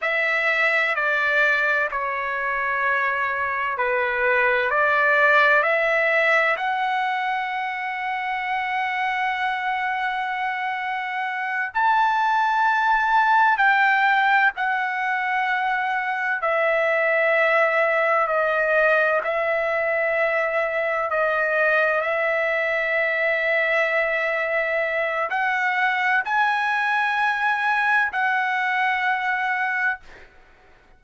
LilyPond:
\new Staff \with { instrumentName = "trumpet" } { \time 4/4 \tempo 4 = 64 e''4 d''4 cis''2 | b'4 d''4 e''4 fis''4~ | fis''1~ | fis''8 a''2 g''4 fis''8~ |
fis''4. e''2 dis''8~ | dis''8 e''2 dis''4 e''8~ | e''2. fis''4 | gis''2 fis''2 | }